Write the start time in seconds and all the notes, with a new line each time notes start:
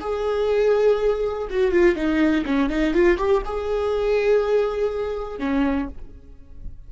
0.00 G#4
1.50 F#4
1.71 F4
1.95 D#4
2.45 C#4
2.69 D#4
2.94 F4
3.17 G4
3.45 G#4
5.39 C#4